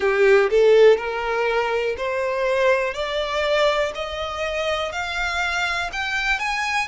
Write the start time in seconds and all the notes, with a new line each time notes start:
0.00 G4
0.50 A4
0.97 A#4
1.97 C5
2.93 D5
3.94 D#5
4.92 F5
5.92 G5
6.39 G#5